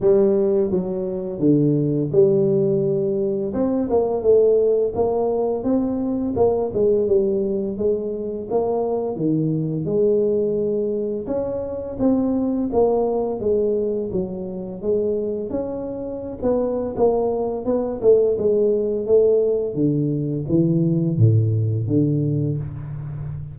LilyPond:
\new Staff \with { instrumentName = "tuba" } { \time 4/4 \tempo 4 = 85 g4 fis4 d4 g4~ | g4 c'8 ais8 a4 ais4 | c'4 ais8 gis8 g4 gis4 | ais4 dis4 gis2 |
cis'4 c'4 ais4 gis4 | fis4 gis4 cis'4~ cis'16 b8. | ais4 b8 a8 gis4 a4 | d4 e4 a,4 d4 | }